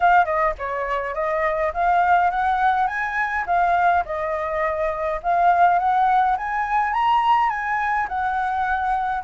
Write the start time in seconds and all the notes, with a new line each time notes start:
0.00 F5
0.25 D#5
0.58 C#5
1.14 D#5
1.73 F5
2.30 F#5
2.87 G#5
3.46 F5
4.05 D#5
5.22 F5
5.78 F#5
6.37 G#5
6.93 A#5
7.49 G#5
8.08 F#5